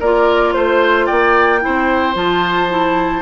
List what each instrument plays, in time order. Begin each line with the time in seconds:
0.00 bassoon A#3, clarinet F4, oboe A#4, flute D5
0.53 bassoon A3, flute C5, oboe C5
1.06 bassoon A#3, oboe D5, flute G5
1.60 clarinet E4, oboe C5
1.67 bassoon C4
2.14 bassoon F3, clarinet F4, flute A5
2.70 clarinet E4